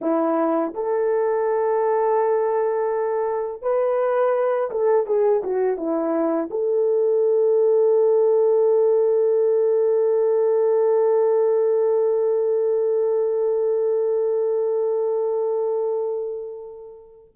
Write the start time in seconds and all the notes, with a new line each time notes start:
0.01 E4
0.74 A4
3.61 B4
4.70 A4
5.06 G#4
5.43 F#4
5.77 E4
6.50 A4